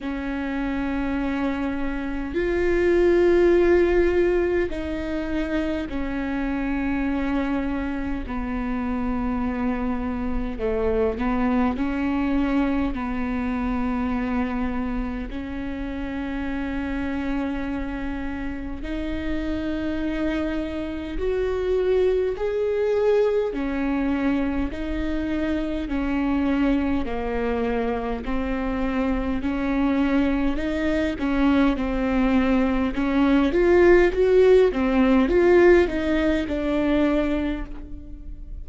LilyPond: \new Staff \with { instrumentName = "viola" } { \time 4/4 \tempo 4 = 51 cis'2 f'2 | dis'4 cis'2 b4~ | b4 a8 b8 cis'4 b4~ | b4 cis'2. |
dis'2 fis'4 gis'4 | cis'4 dis'4 cis'4 ais4 | c'4 cis'4 dis'8 cis'8 c'4 | cis'8 f'8 fis'8 c'8 f'8 dis'8 d'4 | }